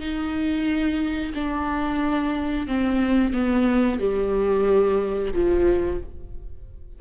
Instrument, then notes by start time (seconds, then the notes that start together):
viola
0.00 D#4
1.35 D4
2.67 C4
3.33 B3
4.00 G3
5.34 F3